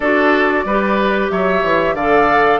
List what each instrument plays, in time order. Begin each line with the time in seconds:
0.00 bassoon D4, clarinet F#4, oboe A4, flute D5
0.64 bassoon G3, clarinet G4, oboe B4
1.30 bassoon F#3, oboe C#5, flute E5
1.63 bassoon E3
1.94 bassoon D3, clarinet A4, oboe D5, flute F5